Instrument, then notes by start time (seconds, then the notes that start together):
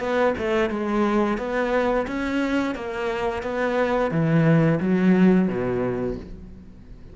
cello
0.00 B3
0.38 A3
0.70 G#3
1.38 B3
2.07 C#4
2.75 A#3
3.43 B3
4.11 E3
4.81 F#3
5.48 B2